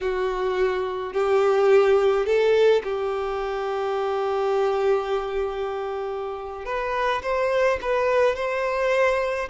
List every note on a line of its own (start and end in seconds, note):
0.01 1.13 F#4
1.13 2.26 G4
2.26 2.82 A4
2.83 6.65 G4
6.65 7.22 B4
7.22 7.79 C5
7.81 8.35 B4
8.35 9.48 C5